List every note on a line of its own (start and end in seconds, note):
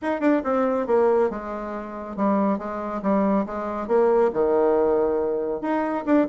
0.02 0.20 D#4
0.20 0.42 D4
0.44 0.86 C4
0.86 1.29 A#3
1.29 2.16 G#3
2.16 2.58 G3
2.58 3.01 G#3
3.02 3.45 G3
3.46 3.87 G#3
3.87 4.30 A#3
4.33 5.61 D#3
5.61 6.04 D#4
6.05 6.27 D4